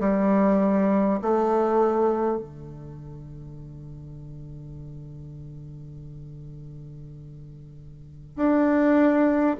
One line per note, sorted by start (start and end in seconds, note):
0.00 1.20 G3
1.22 2.38 A3
2.38 8.36 D3
8.36 9.56 D4